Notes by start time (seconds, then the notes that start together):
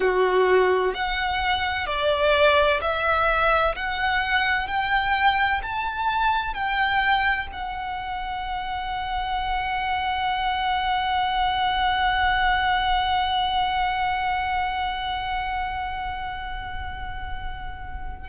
0.00 F#4
0.94 F#5
1.86 D5
2.81 E5
3.75 F#5
4.67 G5
5.62 A5
6.54 G5
7.52 F#5